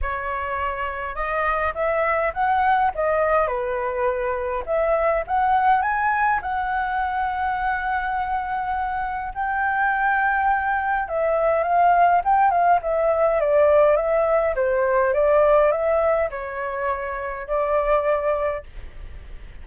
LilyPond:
\new Staff \with { instrumentName = "flute" } { \time 4/4 \tempo 4 = 103 cis''2 dis''4 e''4 | fis''4 dis''4 b'2 | e''4 fis''4 gis''4 fis''4~ | fis''1 |
g''2. e''4 | f''4 g''8 f''8 e''4 d''4 | e''4 c''4 d''4 e''4 | cis''2 d''2 | }